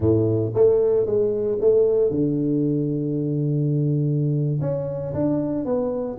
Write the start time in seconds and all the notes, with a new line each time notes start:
0.00 A2
0.54 A3
1.06 G#3
1.61 A3
2.10 D3
4.61 C#4
5.13 D4
5.65 B3